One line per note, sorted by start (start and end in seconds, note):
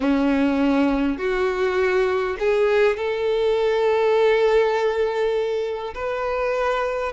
0.00 1.17 C#4
1.17 2.36 F#4
2.39 2.96 G#4
2.96 5.94 A4
5.94 7.12 B4